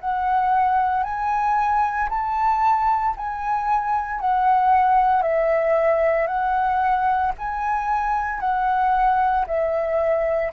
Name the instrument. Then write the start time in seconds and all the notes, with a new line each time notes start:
flute
0.00 F#5
1.03 G#5
2.09 A5
3.16 G#5
4.20 F#5
5.22 E5
6.27 F#5
7.38 G#5
8.40 F#5
9.47 E5